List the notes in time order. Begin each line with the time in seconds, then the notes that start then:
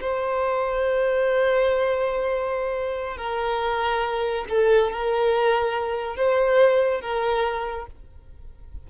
0.00 C5
3.17 A#4
4.49 A4
4.91 A#4
6.16 C5
7.01 A#4